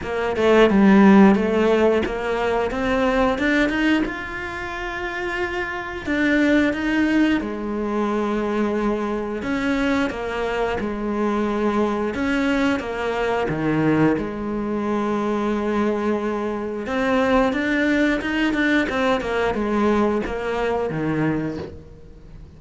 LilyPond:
\new Staff \with { instrumentName = "cello" } { \time 4/4 \tempo 4 = 89 ais8 a8 g4 a4 ais4 | c'4 d'8 dis'8 f'2~ | f'4 d'4 dis'4 gis4~ | gis2 cis'4 ais4 |
gis2 cis'4 ais4 | dis4 gis2.~ | gis4 c'4 d'4 dis'8 d'8 | c'8 ais8 gis4 ais4 dis4 | }